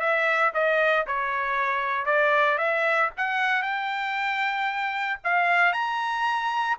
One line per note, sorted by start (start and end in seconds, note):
0.00 0.52 E5
0.54 1.06 D#5
1.07 2.06 C#5
2.06 2.58 D5
2.58 3.10 E5
3.17 3.63 F#5
3.63 5.19 G5
5.24 5.73 F5
5.73 6.77 A#5